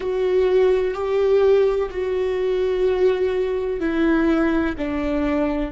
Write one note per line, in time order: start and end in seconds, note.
0.00 0.94 F#4
0.94 1.89 G4
1.90 3.80 F#4
3.80 4.75 E4
4.77 5.71 D4